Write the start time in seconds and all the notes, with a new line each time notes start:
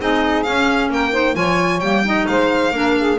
0.00 C4 D#4 G#4 D#5
0.44 C#4 F5
0.90 A#3 A#4 G5
1.12 D#4 C5
1.35 F3 F4 C#5 G#5
1.80 G3 A#3 G5
2.05 D#4 D#5
2.28 G#3 C5 F5
2.72 A#3 D4 A#4
2.99 G#4